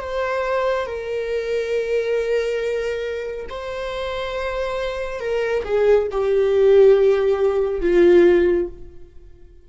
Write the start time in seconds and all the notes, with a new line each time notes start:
0.00 C5
0.86 A#4
3.50 C5
5.20 A#4
5.65 G#4
6.11 G4
7.81 F4